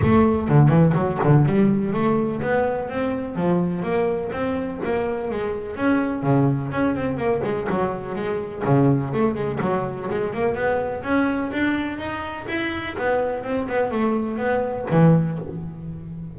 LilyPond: \new Staff \with { instrumentName = "double bass" } { \time 4/4 \tempo 4 = 125 a4 d8 e8 fis8 d8 g4 | a4 b4 c'4 f4 | ais4 c'4 ais4 gis4 | cis'4 cis4 cis'8 c'8 ais8 gis8 |
fis4 gis4 cis4 a8 gis8 | fis4 gis8 ais8 b4 cis'4 | d'4 dis'4 e'4 b4 | c'8 b8 a4 b4 e4 | }